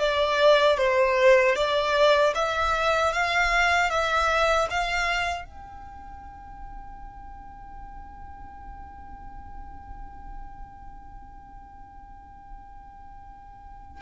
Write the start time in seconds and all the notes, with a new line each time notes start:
0.00 D5
0.78 C5
1.56 D5
2.35 E5
3.13 F5
3.90 E5
4.70 F5
5.45 G5